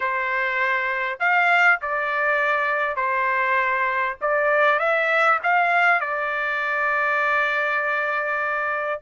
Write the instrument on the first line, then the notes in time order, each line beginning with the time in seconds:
trumpet
0.00 C5
1.19 F5
1.81 D5
2.96 C5
4.21 D5
4.79 E5
5.43 F5
6.00 D5